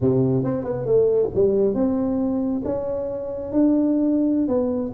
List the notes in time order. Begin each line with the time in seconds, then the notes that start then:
0.00 C3
0.44 C4
0.64 B3
0.85 A3
1.34 G3
1.74 C4
2.64 C#4
3.52 D4
4.48 B3